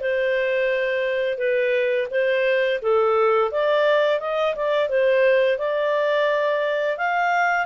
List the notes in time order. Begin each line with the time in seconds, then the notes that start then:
0.00 C5
1.38 B4
2.10 C5
2.82 A4
3.51 D5
4.20 D#5
4.55 D5
4.88 C5
5.58 D5
6.97 F5